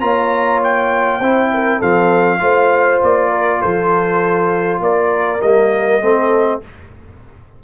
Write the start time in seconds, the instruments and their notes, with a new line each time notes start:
0.00 tuba A#3, trombone F4, horn C#5, trumpet A#5
0.63 trumpet G5
1.19 tuba C4, trombone E4, horn C5
1.53 horn A#4
1.78 tuba F3, trombone C4, horn A4, trumpet F5
2.39 tuba A3, trombone F4, horn C5
3.02 tuba A#3, trumpet D5
3.29 horn A#4
3.61 tuba F3, horn A4, trumpet C5
4.80 tuba A#3, horn A#4, trumpet D5
5.41 tuba G3, trombone A#3, trumpet D#5
6.01 tuba A3, trombone C4, horn A4